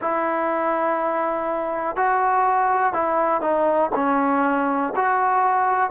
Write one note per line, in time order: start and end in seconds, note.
0.00 1.96 E4
1.96 2.93 F#4
2.93 3.41 E4
3.41 3.90 D#4
3.95 4.93 C#4
4.95 5.90 F#4